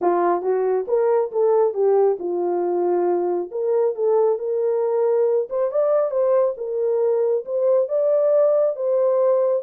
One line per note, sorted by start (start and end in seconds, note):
0.01 0.42 F4
0.42 0.85 F#4
0.87 1.31 A#4
1.31 1.74 A4
1.74 2.17 G4
2.19 3.50 F4
3.51 3.95 A#4
3.95 4.38 A4
4.39 5.48 A#4
5.49 5.71 C5
5.71 6.10 D5
6.10 6.54 C5
6.57 7.45 A#4
7.45 7.88 C5
7.88 8.76 D5
8.76 9.63 C5